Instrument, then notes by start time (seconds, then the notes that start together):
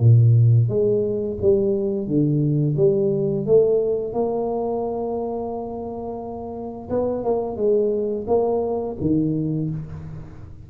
tuba
0.00 A#2
0.69 G#3
1.42 G3
2.07 D3
2.77 G3
3.46 A3
4.13 A#3
6.90 B3
7.24 A#3
7.57 G#3
8.28 A#3
9.01 D#3